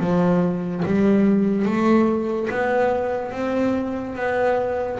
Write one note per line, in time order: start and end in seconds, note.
0.00 0.83 F3
0.86 1.66 G3
1.66 2.49 A3
2.50 3.32 B3
3.32 4.16 C4
4.16 4.99 B3